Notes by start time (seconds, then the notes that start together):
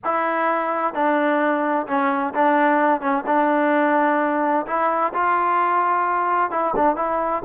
0.04 E4
0.93 D4
1.87 C#4
2.34 D4
3.00 C#4
3.26 D4
4.66 E4
5.13 F4
6.50 E4
6.75 D4
6.96 E4